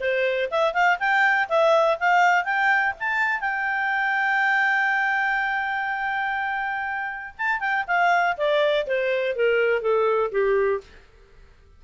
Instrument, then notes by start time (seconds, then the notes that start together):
clarinet
0.00 C5
0.51 E5
0.74 F5
0.99 G5
1.49 E5
1.99 F5
2.45 G5
3.00 A5
3.41 G5
7.38 A5
7.60 G5
7.87 F5
8.37 D5
8.87 C5
9.36 A#4
9.82 A4
10.32 G4